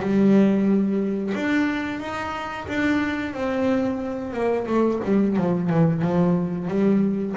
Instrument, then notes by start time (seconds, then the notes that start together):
double bass
0.00 G3
1.35 D4
2.00 D#4
2.68 D4
3.34 C4
4.33 A#3
4.67 A3
5.05 G3
5.37 F3
5.70 E3
6.02 F3
6.68 G3